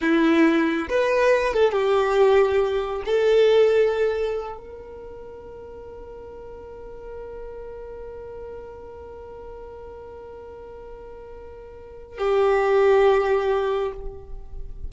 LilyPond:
\new Staff \with { instrumentName = "violin" } { \time 4/4 \tempo 4 = 138 e'2 b'4. a'8 | g'2. a'4~ | a'2~ a'8 ais'4.~ | ais'1~ |
ais'1~ | ais'1~ | ais'1 | g'1 | }